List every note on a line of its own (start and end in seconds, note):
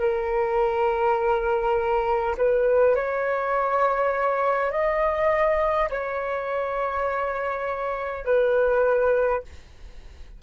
0.00 2.35 A#4
2.37 2.96 B4
2.96 4.72 C#5
4.72 5.89 D#5
5.90 8.25 C#5
8.25 9.43 B4